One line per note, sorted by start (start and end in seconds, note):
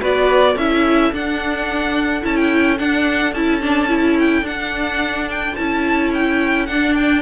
0.00 0.55 B3
0.00 0.56 F#4
0.00 0.53 B4
0.00 0.58 D5
0.53 1.11 C#4
0.53 1.14 E4
0.53 7.19 A4
0.53 1.13 E5
1.12 2.23 D4
1.12 2.22 D4
1.12 2.25 F#5
2.22 2.79 C#4
2.22 2.77 E4
2.22 2.36 A5
2.36 2.77 G5
2.78 3.34 D4
2.78 3.33 D4
2.78 3.33 F#5
3.33 4.41 C#4
3.33 3.61 E4
3.33 4.16 A5
3.61 3.87 D4
3.87 4.43 E4
4.19 4.46 G5
4.41 5.53 D4
4.41 5.56 D4
4.41 5.29 F#5
5.30 5.55 G5
5.55 6.68 C#4
5.55 6.68 E4
5.55 6.10 A5
6.13 6.66 G5
6.66 7.22 D4
6.66 6.94 F#5
6.94 7.22 G5